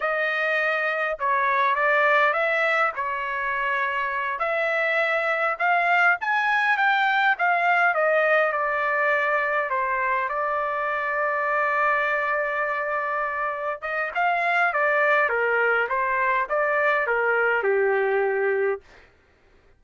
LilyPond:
\new Staff \with { instrumentName = "trumpet" } { \time 4/4 \tempo 4 = 102 dis''2 cis''4 d''4 | e''4 cis''2~ cis''8 e''8~ | e''4. f''4 gis''4 g''8~ | g''8 f''4 dis''4 d''4.~ |
d''8 c''4 d''2~ d''8~ | d''2.~ d''8 dis''8 | f''4 d''4 ais'4 c''4 | d''4 ais'4 g'2 | }